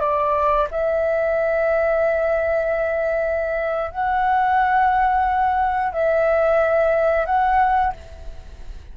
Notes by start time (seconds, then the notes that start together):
0.00 D5
0.71 E5
3.91 F#5
5.93 E5
7.25 F#5